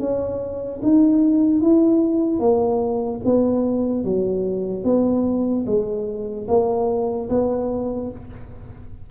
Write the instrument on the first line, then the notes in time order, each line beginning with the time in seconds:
tuba
0.00 C#4
0.83 D#4
1.61 E4
2.40 A#3
3.25 B3
4.05 F#3
4.84 B3
5.66 G#3
6.48 A#3
7.30 B3